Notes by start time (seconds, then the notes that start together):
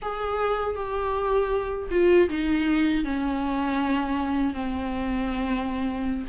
0.01 G#4
0.75 G4
1.91 F4
2.29 D#4
3.04 C#4
4.54 C4